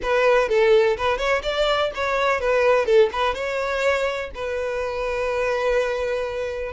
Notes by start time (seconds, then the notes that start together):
0.02 B4
0.48 A4
0.97 B4
1.18 C#5
1.43 D5
1.94 C#5
2.40 B4
2.85 A4
3.12 B4
3.34 C#5
4.35 B4